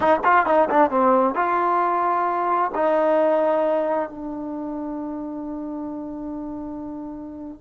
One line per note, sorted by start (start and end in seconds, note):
0.00 0.20 D#4
0.24 0.45 F4
0.45 0.68 D#4
0.70 0.90 D4
0.90 1.35 C4
1.35 2.71 F4
2.74 4.09 D#4
4.09 7.61 D4